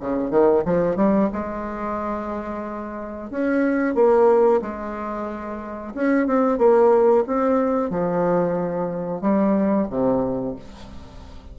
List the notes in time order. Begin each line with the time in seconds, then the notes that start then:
0.00 C#3
0.31 D#3
0.65 F3
0.96 G3
1.33 G#3
3.31 C#4
3.95 A#3
4.62 G#3
5.94 C#4
6.27 C4
6.58 A#3
7.27 C4
7.90 F3
9.21 G3
9.90 C3